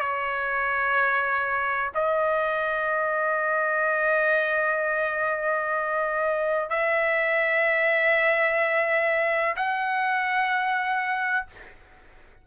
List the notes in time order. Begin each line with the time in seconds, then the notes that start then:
0.00 C#5
1.94 D#5
6.70 E5
9.56 F#5